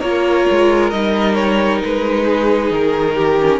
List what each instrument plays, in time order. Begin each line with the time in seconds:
0.00 cello A#3, viola F4, violin A#4 C#5
0.51 cello G#3
0.90 cello G3, viola D#4, violin D#5
1.35 violin C#5
1.84 cello G#3, violin B4
2.26 violin G#4
2.71 cello D#3, violin A#4
3.16 violin G4
3.40 viola C#4